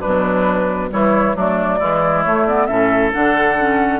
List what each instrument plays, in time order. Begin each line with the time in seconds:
0.00 bassoon B2, clarinet F#3, oboe D4, flute B4
0.89 bassoon E3, clarinet G3, oboe E4, flute C#5
1.35 bassoon F#3, clarinet A3, oboe D4, flute D5
1.78 clarinet E3, bassoon G#3, oboe E4
2.23 clarinet A3, bassoon A3, flute C#5
2.46 clarinet B3, flute D5
2.66 bassoon A2, clarinet C#4, oboe A4, flute E5
3.12 bassoon D3, clarinet D4, flute F#5
3.59 clarinet C#4